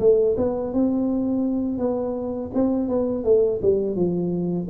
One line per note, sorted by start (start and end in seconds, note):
0.00 0.36 A3
0.37 0.73 B3
0.74 1.79 C4
1.79 2.51 B3
2.54 2.89 C4
2.89 3.24 B3
3.24 3.60 A3
3.62 3.96 G3
3.96 4.68 F3